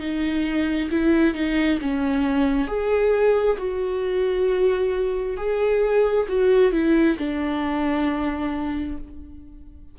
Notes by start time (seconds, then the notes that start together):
0.00 D#4
0.91 E4
1.34 D#4
1.81 C#4
2.67 G#4
3.58 F#4
5.37 G#4
6.29 F#4
6.72 E4
7.18 D4